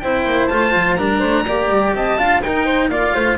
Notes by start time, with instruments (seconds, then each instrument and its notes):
0.00 double bass C4, cello E4, flute C5, oboe G5
0.26 double bass A#3
0.48 double bass A3, cello F4, oboe A5
0.75 double bass F3
0.95 double bass G3, cello D4, flute A#4, oboe A#5
1.20 double bass A3, flute C5
1.47 double bass A#3, cello G4, flute D5
1.69 double bass G3
1.94 double bass C4, flute D#5, oboe A5
2.18 double bass D4, cello F4, flute F5
2.43 double bass D#4, cello D#4, flute A#4, oboe G5
2.65 flute C5
2.89 double bass A#3, cello F4, flute D5, oboe F5
3.14 double bass A3, flute C5